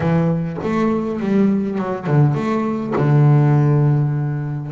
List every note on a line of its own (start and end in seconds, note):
0.00 0.57 E3
0.63 1.20 A3
1.20 1.78 G3
1.78 2.06 F#3
2.06 2.34 D3
2.34 2.93 A3
2.96 4.71 D3